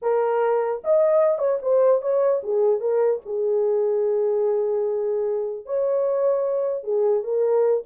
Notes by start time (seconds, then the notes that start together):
0.01 A#4
0.84 D#5
1.38 C#5
1.61 C5
2.01 C#5
2.43 G#4
2.80 A#4
3.25 G#4
5.65 C#5
6.83 G#4
7.23 A#4